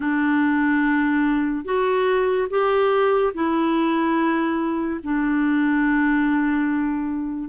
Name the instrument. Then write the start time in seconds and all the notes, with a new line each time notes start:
clarinet
0.00 D4
1.64 F#4
2.50 G4
3.33 E4
5.03 D4